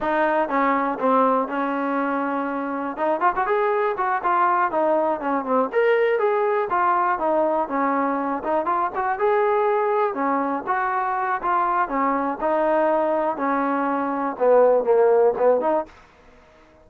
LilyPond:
\new Staff \with { instrumentName = "trombone" } { \time 4/4 \tempo 4 = 121 dis'4 cis'4 c'4 cis'4~ | cis'2 dis'8 f'16 fis'16 gis'4 | fis'8 f'4 dis'4 cis'8 c'8 ais'8~ | ais'8 gis'4 f'4 dis'4 cis'8~ |
cis'4 dis'8 f'8 fis'8 gis'4.~ | gis'8 cis'4 fis'4. f'4 | cis'4 dis'2 cis'4~ | cis'4 b4 ais4 b8 dis'8 | }